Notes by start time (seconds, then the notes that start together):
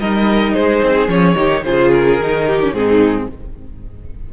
0.00 G3 D#4 A#4 D#5
0.54 G#3 G#4 C5
0.83 C4
1.08 F3 C#4 C#5
1.35 D#3 D#4 G4
1.64 C#3 F4 G#4 C5
1.92 A#4
2.20 D#3 D#4
2.47 G4
2.63 C#4
2.72 G#2 C4 D#4 G#4